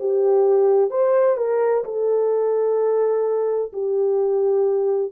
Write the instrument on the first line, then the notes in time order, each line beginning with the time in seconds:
horn
0.00 G4
0.91 C5
1.38 A#4
1.85 A4
3.73 G4